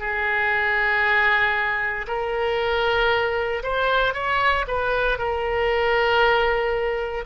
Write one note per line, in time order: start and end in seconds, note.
0.00 2.07 G#4
2.08 3.63 A#4
3.63 4.14 C5
4.14 4.66 C#5
4.68 5.19 B4
5.19 7.26 A#4